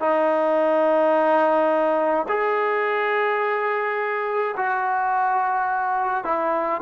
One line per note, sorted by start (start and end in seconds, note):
0.00 2.26 D#4
2.29 4.55 G#4
4.57 6.25 F#4
6.25 6.81 E4